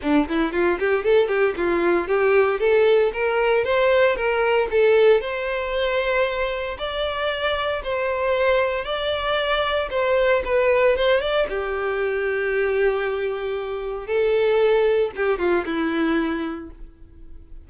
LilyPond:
\new Staff \with { instrumentName = "violin" } { \time 4/4 \tempo 4 = 115 d'8 e'8 f'8 g'8 a'8 g'8 f'4 | g'4 a'4 ais'4 c''4 | ais'4 a'4 c''2~ | c''4 d''2 c''4~ |
c''4 d''2 c''4 | b'4 c''8 d''8 g'2~ | g'2. a'4~ | a'4 g'8 f'8 e'2 | }